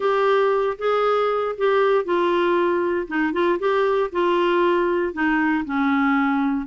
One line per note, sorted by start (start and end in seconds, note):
0.00 0.77 G4
0.78 1.55 G#4
1.57 2.04 G4
2.04 3.07 F4
3.07 3.33 D#4
3.33 3.58 F4
3.59 4.10 G4
4.11 5.13 F4
5.13 5.64 D#4
5.65 6.66 C#4